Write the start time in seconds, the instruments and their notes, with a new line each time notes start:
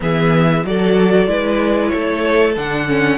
0.00 cello E3, viola B3, violin G#4 E5
0.64 cello F#3, viola F#4, violin A4 D5
1.26 cello G#3, viola E4, violin B4
1.88 cello A3, violin A4 C#5
2.56 cello D3, viola D4, violin F#5
2.88 viola C#4